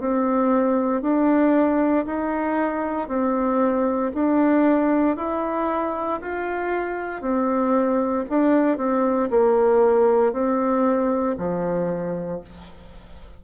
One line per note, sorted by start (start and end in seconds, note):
0.00 1.02 C4
1.02 2.05 D4
2.06 3.08 D#4
3.08 4.12 C4
4.14 5.17 D4
5.17 6.20 E4
6.21 7.21 F4
7.21 8.25 C4
8.29 8.77 D4
8.77 9.29 C4
9.31 10.33 A#3
10.33 11.36 C4
11.38 12.41 F3